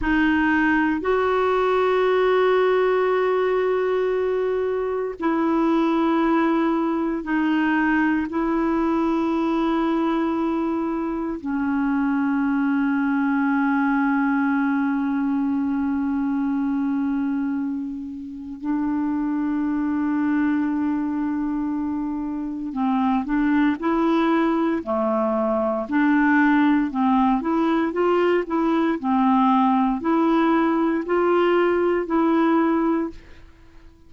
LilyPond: \new Staff \with { instrumentName = "clarinet" } { \time 4/4 \tempo 4 = 58 dis'4 fis'2.~ | fis'4 e'2 dis'4 | e'2. cis'4~ | cis'1~ |
cis'2 d'2~ | d'2 c'8 d'8 e'4 | a4 d'4 c'8 e'8 f'8 e'8 | c'4 e'4 f'4 e'4 | }